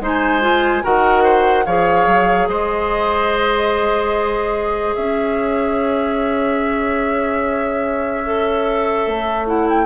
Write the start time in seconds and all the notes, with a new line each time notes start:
0.00 G#3 D#4 C5
0.06 G#5
0.41 F4
0.82 D#3 F#4 A#4 F#5
1.23 C5
1.65 F3 G#4 C#5 F5
2.06 F#3
2.48 G#3 C5 D#5
4.95 C#4 C#5 E5
8.25 A4
9.07 A3
9.47 E4 F#5
9.69 G5